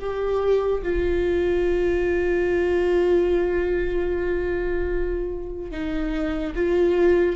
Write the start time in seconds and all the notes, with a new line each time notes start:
0.00 G4
0.83 F4
5.71 D#4
6.55 F4